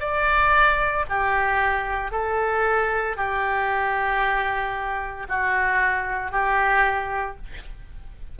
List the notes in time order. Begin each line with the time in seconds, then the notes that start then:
0.00 D5
1.09 G4
2.11 A4
3.17 G4
5.29 F#4
6.32 G4